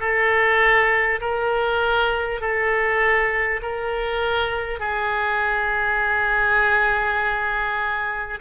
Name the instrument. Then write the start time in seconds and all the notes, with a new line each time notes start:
oboe
0.00 A4
1.21 A#4
2.41 A4
3.62 A#4
4.80 G#4